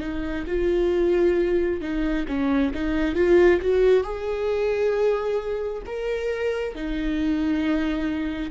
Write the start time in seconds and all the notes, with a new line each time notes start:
0.00 D#4
0.47 F4
1.81 D#4
2.28 C#4
2.74 D#4
3.15 F4
3.61 F#4
4.03 G#4
5.86 A#4
6.74 D#4